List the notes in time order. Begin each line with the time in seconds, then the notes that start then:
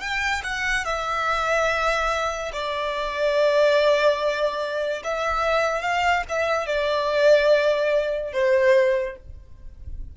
0.00 G5
0.43 F#5
0.84 E5
2.52 D5
5.04 E5
5.81 F5
6.28 E5
6.66 D5
8.32 C5